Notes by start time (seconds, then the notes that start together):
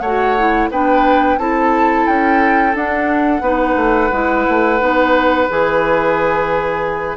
0.00 A3 F#4 C#5 F#5
0.38 E4
0.70 B3 D4 B4 G5
1.38 C4 E4 A4 A5
2.07 C#4 G5
2.75 D4 F#5
3.41 B3 D#4 B4
3.76 A3
4.12 G#3 E4
4.49 A3
4.79 B3 D#4
5.49 E3 G#4 G#5